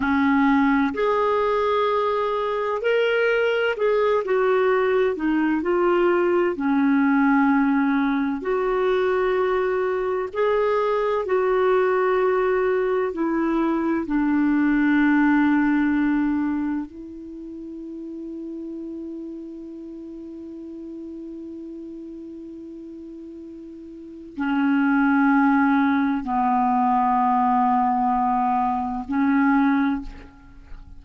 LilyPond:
\new Staff \with { instrumentName = "clarinet" } { \time 4/4 \tempo 4 = 64 cis'4 gis'2 ais'4 | gis'8 fis'4 dis'8 f'4 cis'4~ | cis'4 fis'2 gis'4 | fis'2 e'4 d'4~ |
d'2 e'2~ | e'1~ | e'2 cis'2 | b2. cis'4 | }